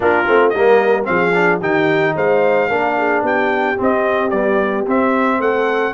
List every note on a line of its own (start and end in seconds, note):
0.00 0.25 A#3
0.00 0.25 D4
0.00 0.54 F4
0.00 0.49 A#4
0.27 0.54 A3
0.27 0.54 C4
0.49 1.08 G3
0.49 1.04 A#3
0.49 1.08 A#4
0.49 1.03 D#5
1.04 1.60 F3
1.04 1.31 C4
1.04 1.59 G#4
1.04 1.59 F5
1.33 1.60 D4
1.59 2.14 D#3
1.59 2.70 D#4
1.59 2.13 G4
1.59 2.16 G5
2.15 2.70 G#3
2.15 2.68 C5
2.15 3.25 F5
2.68 3.22 A#3
2.68 3.76 D4
2.68 2.95 A#4
2.97 3.23 G#4
3.22 3.76 B3
3.22 5.39 G4
3.22 3.79 G5
3.76 4.30 C4
3.76 4.33 C4
3.76 4.30 D#5
4.30 4.86 G3
4.30 4.86 B3
4.30 4.84 D5
4.86 5.39 C4
4.86 5.93 C4
4.86 5.41 E5
5.39 5.93 A3
5.39 5.93 A4
5.39 5.93 F#5